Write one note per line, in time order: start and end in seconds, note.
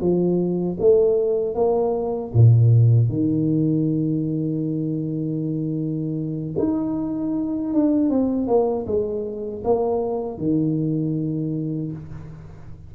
0.00 0.77 F3
0.79 1.55 A3
1.55 2.32 A#3
2.34 3.08 A#2
3.08 6.55 D#3
6.58 7.73 D#4
7.73 8.09 D4
8.09 8.47 C4
8.47 8.86 A#3
8.86 9.63 G#3
9.64 10.38 A#3
10.38 11.92 D#3